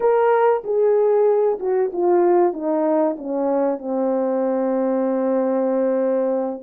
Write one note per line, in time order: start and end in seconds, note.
0.00 0.62 A#4
0.63 1.58 G#4
1.59 1.91 F#4
1.93 2.53 F4
2.53 3.16 D#4
3.18 3.78 C#4
3.78 6.62 C4